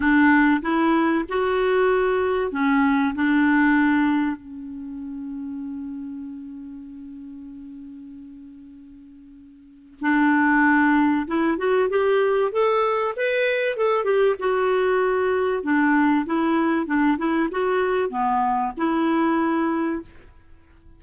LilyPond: \new Staff \with { instrumentName = "clarinet" } { \time 4/4 \tempo 4 = 96 d'4 e'4 fis'2 | cis'4 d'2 cis'4~ | cis'1~ | cis'1 |
d'2 e'8 fis'8 g'4 | a'4 b'4 a'8 g'8 fis'4~ | fis'4 d'4 e'4 d'8 e'8 | fis'4 b4 e'2 | }